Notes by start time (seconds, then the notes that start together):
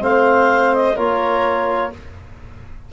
0.00 A3 C4 C5 F5
0.74 D#5
0.96 A#3 F4 A#4 C#5